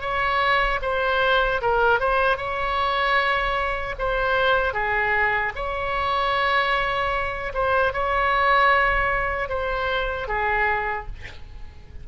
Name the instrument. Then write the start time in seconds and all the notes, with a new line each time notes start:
oboe
0.00 C#5
0.81 C5
1.61 A#4
2.00 C5
2.37 C#5
3.98 C5
4.73 G#4
5.55 C#5
7.54 C5
7.93 C#5
9.48 C5
10.27 G#4